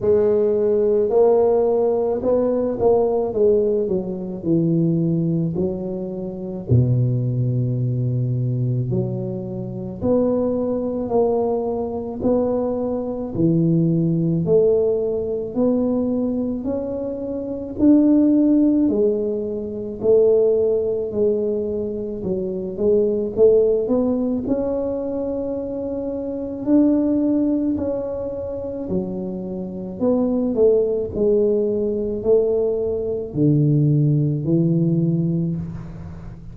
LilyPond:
\new Staff \with { instrumentName = "tuba" } { \time 4/4 \tempo 4 = 54 gis4 ais4 b8 ais8 gis8 fis8 | e4 fis4 b,2 | fis4 b4 ais4 b4 | e4 a4 b4 cis'4 |
d'4 gis4 a4 gis4 | fis8 gis8 a8 b8 cis'2 | d'4 cis'4 fis4 b8 a8 | gis4 a4 d4 e4 | }